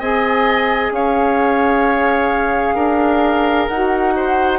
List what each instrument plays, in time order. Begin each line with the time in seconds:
0.00 bassoon C4, saxophone G#4, oboe D#5, flute G#5
0.91 bassoon C#4, oboe C#5, flute F5
2.75 bassoon D4, oboe A#4
3.68 bassoon D#4, saxophone F#4, flute F#5
4.17 oboe C5